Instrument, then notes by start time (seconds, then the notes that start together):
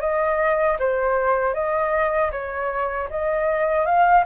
flute
0.00 D#5
0.79 C5
1.53 D#5
2.31 C#5
3.10 D#5
3.85 F5